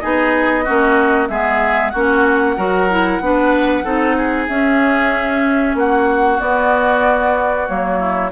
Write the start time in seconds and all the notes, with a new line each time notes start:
0.00 B3 D#4 G#4 D#5
0.64 A#3 C#4 F#4
1.28 G#3 B3 G#4 E5
1.89 A#3 C#4 F#4 F#5
2.56 F#3 F#4 A#4
2.89 E4
3.20 B3 D4 B4
3.84 C4 D#4 A4
4.16 G#4
4.48 C#4 E5
5.74 A#3 F#4 F#5
6.38 B3 D5
7.66 F#3 A#3 C#5
7.99 E4